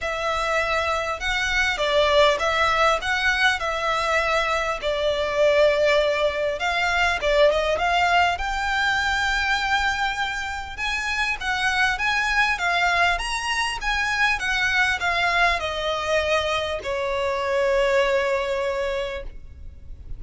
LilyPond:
\new Staff \with { instrumentName = "violin" } { \time 4/4 \tempo 4 = 100 e''2 fis''4 d''4 | e''4 fis''4 e''2 | d''2. f''4 | d''8 dis''8 f''4 g''2~ |
g''2 gis''4 fis''4 | gis''4 f''4 ais''4 gis''4 | fis''4 f''4 dis''2 | cis''1 | }